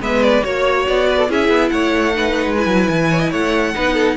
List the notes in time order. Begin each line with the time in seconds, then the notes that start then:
0.00 G#3 B3 B4 E5
0.22 D5
0.43 A#3 F#4 C#5
0.88 B3 D5
1.09 B4
1.17 A4
1.28 C#4 E4 G#4 E5
1.48 B3
1.69 A3 C#5 F#5
2.14 D#4 B4
2.46 G#3
2.57 E4 G#5
2.66 F#3
2.89 E3
3.10 C#5
3.19 D#5
3.30 A3 C#5 F#5
3.74 B3 D#4 B4
3.93 A4